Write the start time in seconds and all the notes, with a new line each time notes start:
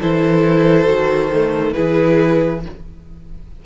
0.00 E3 E4 A4 C5
0.85 D#3 F#4
1.33 A3
1.73 E3 E4 G#4 B4